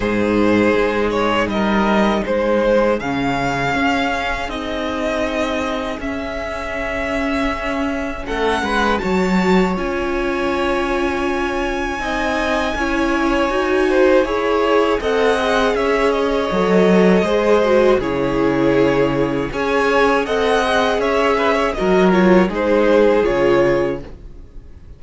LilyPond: <<
  \new Staff \with { instrumentName = "violin" } { \time 4/4 \tempo 4 = 80 c''4. cis''8 dis''4 c''4 | f''2 dis''2 | e''2. fis''4 | a''4 gis''2.~ |
gis''1 | fis''4 e''8 dis''2~ dis''8 | cis''2 gis''4 fis''4 | e''4 dis''8 cis''8 c''4 cis''4 | }
  \new Staff \with { instrumentName = "violin" } { \time 4/4 gis'2 ais'4 gis'4~ | gis'1~ | gis'2. a'8 b'8 | cis''1 |
dis''4 cis''4. c''8 cis''4 | dis''4 cis''2 c''4 | gis'2 cis''4 dis''4 | cis''8 b'16 cis''16 ais'4 gis'2 | }
  \new Staff \with { instrumentName = "viola" } { \time 4/4 dis'1 | cis'2 dis'2 | cis'1 | fis'4 f'2. |
dis'4 e'4 fis'4 gis'4 | a'8 gis'4. a'4 gis'8 fis'8 | e'2 gis'4 a'8 gis'8~ | gis'4 fis'8 f'8 dis'4 f'4 | }
  \new Staff \with { instrumentName = "cello" } { \time 4/4 gis,4 gis4 g4 gis4 | cis4 cis'4 c'2 | cis'2. a8 gis8 | fis4 cis'2. |
c'4 cis'4 dis'4 e'4 | c'4 cis'4 fis4 gis4 | cis2 cis'4 c'4 | cis'4 fis4 gis4 cis4 | }
>>